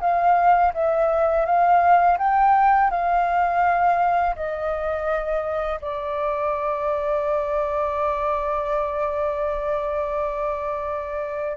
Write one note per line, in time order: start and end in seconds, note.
0.00 0.72 F5
0.73 1.45 E5
1.45 2.17 F5
2.18 2.90 G5
2.90 4.35 F5
4.35 5.80 D#5
5.81 11.57 D5